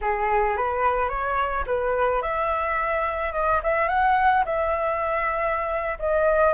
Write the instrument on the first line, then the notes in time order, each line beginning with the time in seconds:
flute
0.01 G#4
0.57 B4
1.09 C#5
1.66 B4
2.21 E5
3.33 D#5
3.63 E5
3.88 F#5
4.45 E5
5.99 D#5